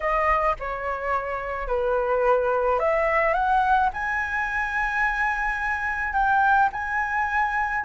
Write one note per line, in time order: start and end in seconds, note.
0.00 0.56 D#5
0.59 1.67 C#5
1.67 2.79 B4
2.79 3.33 E5
3.33 3.89 F#5
3.93 6.13 G#5
6.13 6.69 G5
6.72 7.84 G#5